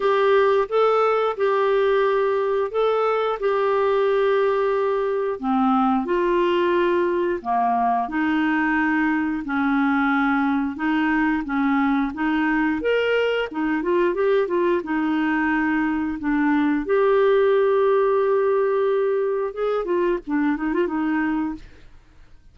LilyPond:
\new Staff \with { instrumentName = "clarinet" } { \time 4/4 \tempo 4 = 89 g'4 a'4 g'2 | a'4 g'2. | c'4 f'2 ais4 | dis'2 cis'2 |
dis'4 cis'4 dis'4 ais'4 | dis'8 f'8 g'8 f'8 dis'2 | d'4 g'2.~ | g'4 gis'8 f'8 d'8 dis'16 f'16 dis'4 | }